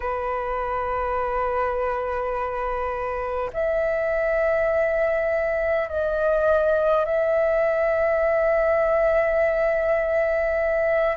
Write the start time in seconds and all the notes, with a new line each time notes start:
0.00 B4
3.53 E5
5.88 D#5
7.05 E5